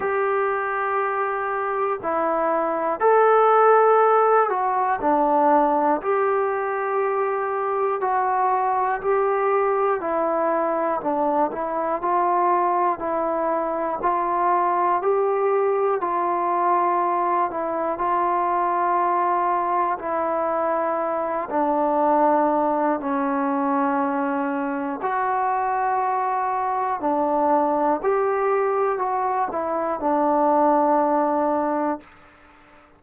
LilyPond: \new Staff \with { instrumentName = "trombone" } { \time 4/4 \tempo 4 = 60 g'2 e'4 a'4~ | a'8 fis'8 d'4 g'2 | fis'4 g'4 e'4 d'8 e'8 | f'4 e'4 f'4 g'4 |
f'4. e'8 f'2 | e'4. d'4. cis'4~ | cis'4 fis'2 d'4 | g'4 fis'8 e'8 d'2 | }